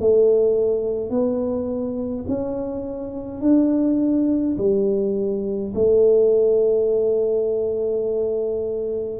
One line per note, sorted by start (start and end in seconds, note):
0.00 1.10 A3
1.10 2.26 B3
2.28 3.41 C#4
3.41 4.56 D4
4.58 5.73 G3
5.75 9.20 A3